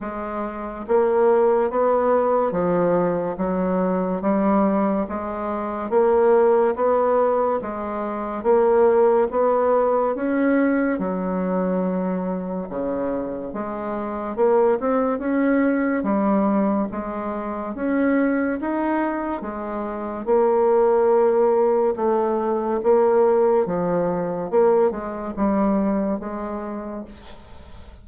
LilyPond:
\new Staff \with { instrumentName = "bassoon" } { \time 4/4 \tempo 4 = 71 gis4 ais4 b4 f4 | fis4 g4 gis4 ais4 | b4 gis4 ais4 b4 | cis'4 fis2 cis4 |
gis4 ais8 c'8 cis'4 g4 | gis4 cis'4 dis'4 gis4 | ais2 a4 ais4 | f4 ais8 gis8 g4 gis4 | }